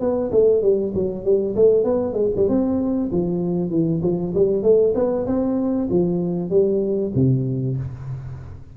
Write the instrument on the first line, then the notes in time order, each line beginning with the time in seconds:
tuba
0.00 B3
0.31 A3
0.62 G3
0.95 F#3
1.25 G3
1.56 A3
1.84 B3
2.14 G#3
2.36 G3
2.49 C4
3.12 F3
3.71 E3
4.03 F3
4.34 G3
4.63 A3
4.95 B3
5.27 C4
5.90 F3
6.50 G3
7.15 C3